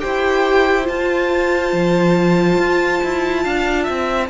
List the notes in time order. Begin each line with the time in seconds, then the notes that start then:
0.00 E4 G4 C5 G5
0.83 F4 A5
1.72 F3
2.58 F4
3.04 E4
3.44 D4 F5
3.84 C4 E5